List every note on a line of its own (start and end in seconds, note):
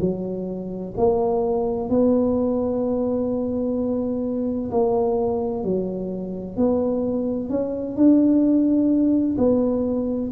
0.00 0.94 F#3
0.97 1.89 A#3
1.89 4.70 B3
4.71 5.64 A#3
5.64 6.57 F#3
6.57 7.49 B3
7.49 7.96 C#4
7.96 9.37 D4
9.38 10.32 B3